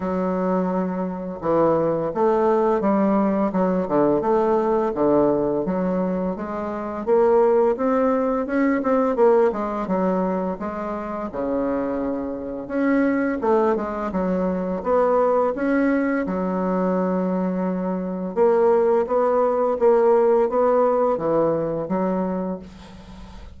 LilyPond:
\new Staff \with { instrumentName = "bassoon" } { \time 4/4 \tempo 4 = 85 fis2 e4 a4 | g4 fis8 d8 a4 d4 | fis4 gis4 ais4 c'4 | cis'8 c'8 ais8 gis8 fis4 gis4 |
cis2 cis'4 a8 gis8 | fis4 b4 cis'4 fis4~ | fis2 ais4 b4 | ais4 b4 e4 fis4 | }